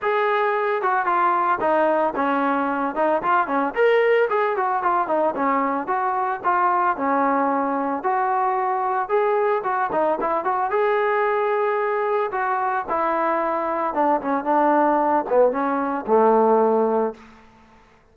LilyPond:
\new Staff \with { instrumentName = "trombone" } { \time 4/4 \tempo 4 = 112 gis'4. fis'8 f'4 dis'4 | cis'4. dis'8 f'8 cis'8 ais'4 | gis'8 fis'8 f'8 dis'8 cis'4 fis'4 | f'4 cis'2 fis'4~ |
fis'4 gis'4 fis'8 dis'8 e'8 fis'8 | gis'2. fis'4 | e'2 d'8 cis'8 d'4~ | d'8 b8 cis'4 a2 | }